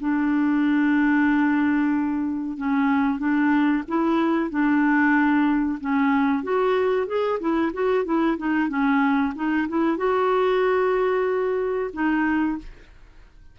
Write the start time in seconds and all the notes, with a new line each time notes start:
0.00 D4
2.57 C#4
3.19 D4
3.88 E4
4.50 D4
5.80 C#4
6.43 F#4
7.07 G#4
7.40 E4
7.73 F#4
8.05 E4
8.38 D#4
8.69 C#4
9.35 D#4
9.68 E4
9.97 F#4
11.93 D#4